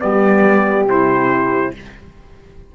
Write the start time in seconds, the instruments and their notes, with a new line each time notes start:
0.00 cello G3, saxophone B3, horn G4, trumpet D5
0.84 cello C3, saxophone E4, trumpet C5